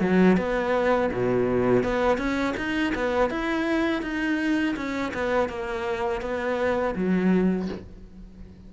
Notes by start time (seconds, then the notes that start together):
0.00 F#3
0.37 B3
1.12 B2
1.83 B3
2.18 C#4
2.57 D#4
2.95 B3
3.30 E4
4.02 D#4
4.76 C#4
5.14 B3
5.49 A#3
6.21 B3
6.95 F#3